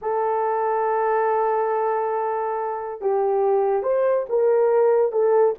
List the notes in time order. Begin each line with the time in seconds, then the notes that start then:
0.01 A4
3.01 G4
3.83 C5
4.29 A#4
5.12 A4